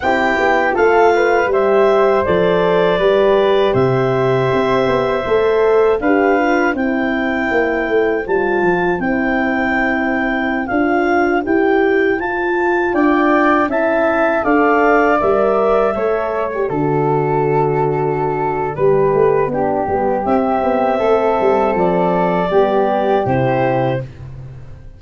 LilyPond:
<<
  \new Staff \with { instrumentName = "clarinet" } { \time 4/4 \tempo 4 = 80 g''4 f''4 e''4 d''4~ | d''4 e''2. | f''4 g''2 a''4 | g''2~ g''16 f''4 g''8.~ |
g''16 a''4 g''4 a''4 f''8.~ | f''16 e''4.~ e''16 d''2~ | d''2. e''4~ | e''4 d''2 c''4 | }
  \new Staff \with { instrumentName = "flute" } { \time 4/4 g'4 a'8 b'8 c''2 | b'4 c''2. | b'4 c''2.~ | c''1~ |
c''4~ c''16 d''4 e''4 d''8.~ | d''4~ d''16 cis''4 a'4.~ a'16~ | a'4 b'4 g'2 | a'2 g'2 | }
  \new Staff \with { instrumentName = "horn" } { \time 4/4 e'4 f'4 g'4 a'4 | g'2. a'4 | g'8 f'8 e'2 f'4 | e'2~ e'16 f'4 g'8.~ |
g'16 f'2 e'4 a'8.~ | a'16 ais'4 a'8. g'16 fis'4.~ fis'16~ | fis'4 g'4 d'8 b8 c'4~ | c'2 b4 e'4 | }
  \new Staff \with { instrumentName = "tuba" } { \time 4/4 c'8 b8 a4 g4 f4 | g4 c4 c'8 b8 a4 | d'4 c'4 ais8 a8 g8 f8 | c'2~ c'16 d'4 e'8.~ |
e'16 f'4 d'4 cis'4 d'8.~ | d'16 g4 a4 d4.~ d16~ | d4 g8 a8 b8 g8 c'8 b8 | a8 g8 f4 g4 c4 | }
>>